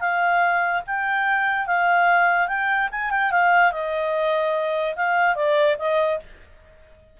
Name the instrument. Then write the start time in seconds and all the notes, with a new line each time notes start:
clarinet
0.00 F5
0.86 G5
1.66 F5
2.48 G5
2.91 G#5
3.11 G5
3.31 F5
3.72 D#5
4.95 F5
5.35 D5
5.78 D#5